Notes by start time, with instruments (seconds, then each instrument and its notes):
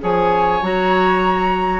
0.00 bassoon F3, clarinet G#4, oboe C#5, flute G#5
0.62 bassoon F#3, clarinet F#4, flute A#5